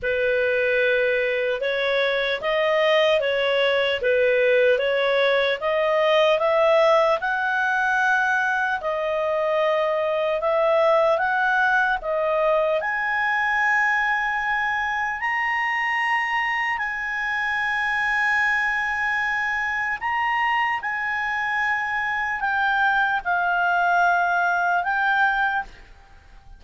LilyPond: \new Staff \with { instrumentName = "clarinet" } { \time 4/4 \tempo 4 = 75 b'2 cis''4 dis''4 | cis''4 b'4 cis''4 dis''4 | e''4 fis''2 dis''4~ | dis''4 e''4 fis''4 dis''4 |
gis''2. ais''4~ | ais''4 gis''2.~ | gis''4 ais''4 gis''2 | g''4 f''2 g''4 | }